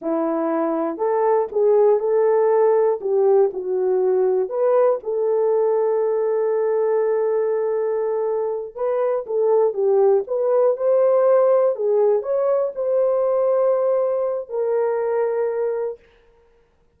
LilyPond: \new Staff \with { instrumentName = "horn" } { \time 4/4 \tempo 4 = 120 e'2 a'4 gis'4 | a'2 g'4 fis'4~ | fis'4 b'4 a'2~ | a'1~ |
a'4. b'4 a'4 g'8~ | g'8 b'4 c''2 gis'8~ | gis'8 cis''4 c''2~ c''8~ | c''4 ais'2. | }